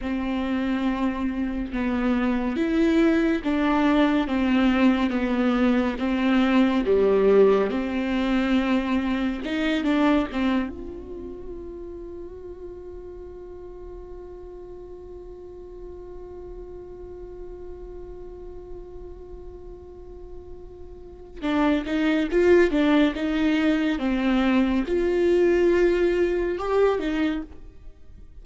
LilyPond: \new Staff \with { instrumentName = "viola" } { \time 4/4 \tempo 4 = 70 c'2 b4 e'4 | d'4 c'4 b4 c'4 | g4 c'2 dis'8 d'8 | c'8 f'2.~ f'8~ |
f'1~ | f'1~ | f'4 d'8 dis'8 f'8 d'8 dis'4 | c'4 f'2 g'8 dis'8 | }